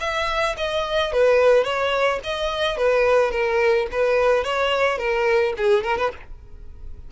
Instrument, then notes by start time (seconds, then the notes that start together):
violin
0.00 E5
0.57 D#5
1.12 B4
1.64 C#5
2.23 D#5
2.77 B4
3.31 A#4
3.92 B4
4.44 C#5
4.98 A#4
5.57 G#4
5.84 A#4
5.97 B4